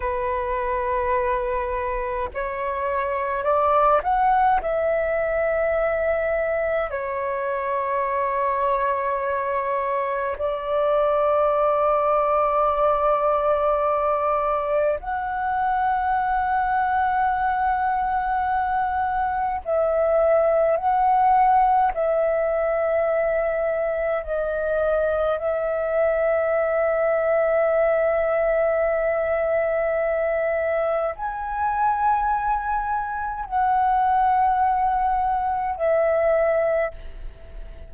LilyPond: \new Staff \with { instrumentName = "flute" } { \time 4/4 \tempo 4 = 52 b'2 cis''4 d''8 fis''8 | e''2 cis''2~ | cis''4 d''2.~ | d''4 fis''2.~ |
fis''4 e''4 fis''4 e''4~ | e''4 dis''4 e''2~ | e''2. gis''4~ | gis''4 fis''2 e''4 | }